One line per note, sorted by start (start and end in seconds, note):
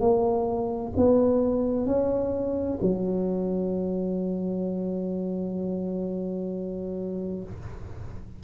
0.00 0.92 A#3
0.96 1.86 B3
1.86 2.78 C#4
2.82 7.43 F#3